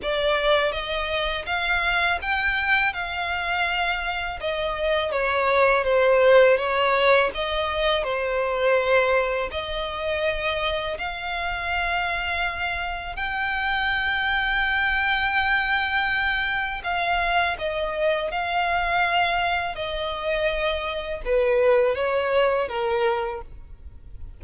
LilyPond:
\new Staff \with { instrumentName = "violin" } { \time 4/4 \tempo 4 = 82 d''4 dis''4 f''4 g''4 | f''2 dis''4 cis''4 | c''4 cis''4 dis''4 c''4~ | c''4 dis''2 f''4~ |
f''2 g''2~ | g''2. f''4 | dis''4 f''2 dis''4~ | dis''4 b'4 cis''4 ais'4 | }